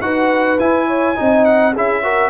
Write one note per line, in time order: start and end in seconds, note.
0.00 0.58 D#4
0.00 0.58 F#4
0.00 0.87 B4
0.00 0.59 F#5
0.59 1.17 E4
0.59 1.15 E4
0.59 1.44 G#5
0.87 1.16 C#5
1.15 1.76 C4
1.15 1.73 D#4
1.15 1.73 D#5
1.44 1.73 F#5
1.73 2.30 C#4
1.73 2.03 E4
1.73 2.01 G#4
1.73 2.30 E5
2.02 2.30 F#4
2.02 2.30 A#4